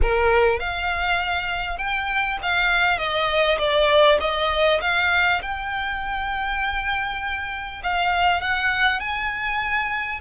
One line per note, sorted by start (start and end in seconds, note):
0.01 0.59 A#4
0.59 1.78 F5
1.78 2.38 G5
2.42 2.98 F5
2.98 3.58 D#5
3.58 4.18 D5
4.20 4.80 D#5
4.81 5.41 F5
5.41 7.82 G5
7.83 8.41 F5
8.41 9.00 F#5
9.00 10.20 G#5